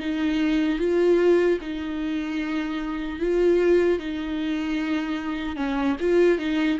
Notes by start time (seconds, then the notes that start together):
0.00 D#4
0.79 F4
1.61 D#4
3.20 F4
3.99 D#4
5.56 C#4
6.00 F4
6.39 D#4